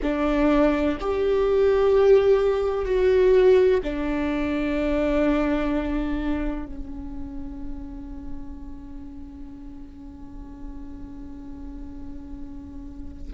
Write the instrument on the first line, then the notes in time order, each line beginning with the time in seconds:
viola
0.02 D4
1.00 G4
2.85 F#4
3.83 D4
6.66 C#4